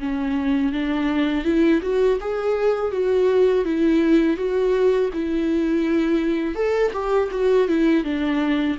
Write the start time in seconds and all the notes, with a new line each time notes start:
0.00 C#4
0.73 D4
1.45 E4
1.82 F#4
2.21 G#4
2.92 F#4
3.65 E4
4.37 F#4
5.13 E4
6.55 A4
6.93 G4
7.31 F#4
7.68 E4
8.04 D4